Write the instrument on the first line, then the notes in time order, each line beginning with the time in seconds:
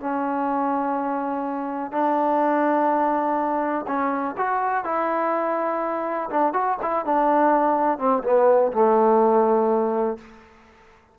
trombone
0.00 C#4
1.92 D4
3.87 C#4
4.37 F#4
4.85 E4
6.30 D4
6.54 F#4
6.82 E4
7.06 D4
7.99 C4
8.24 B3
8.73 A3